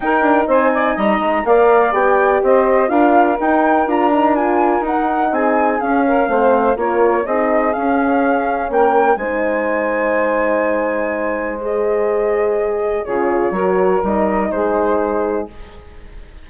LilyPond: <<
  \new Staff \with { instrumentName = "flute" } { \time 4/4 \tempo 4 = 124 g''4 gis''4 ais''4 f''4 | g''4 dis''4 f''4 g''4 | ais''4 gis''4 fis''4 gis''4 | f''2 cis''4 dis''4 |
f''2 g''4 gis''4~ | gis''1 | dis''2. cis''4~ | cis''4 dis''4 c''2 | }
  \new Staff \with { instrumentName = "saxophone" } { \time 4/4 ais'4 c''8 d''8 dis''4 d''4~ | d''4 c''4 ais'2~ | ais'2. gis'4~ | gis'8 ais'8 c''4 ais'4 gis'4~ |
gis'2 ais'4 c''4~ | c''1~ | c''2. gis'4 | ais'2 gis'2 | }
  \new Staff \with { instrumentName = "horn" } { \time 4/4 dis'2. ais'4 | g'2 f'4 dis'4 | f'8 dis'8 f'4 dis'2 | cis'4 c'4 f'4 dis'4 |
cis'2. dis'4~ | dis'1 | gis'2. f'4 | fis'4 dis'2. | }
  \new Staff \with { instrumentName = "bassoon" } { \time 4/4 dis'8 d'8 c'4 g8 gis8 ais4 | b4 c'4 d'4 dis'4 | d'2 dis'4 c'4 | cis'4 a4 ais4 c'4 |
cis'2 ais4 gis4~ | gis1~ | gis2. cis4 | fis4 g4 gis2 | }
>>